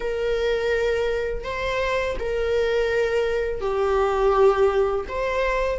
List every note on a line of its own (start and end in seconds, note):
0.00 1.44 A#4
1.44 2.16 C5
2.19 3.60 A#4
3.60 5.05 G4
5.08 5.79 C5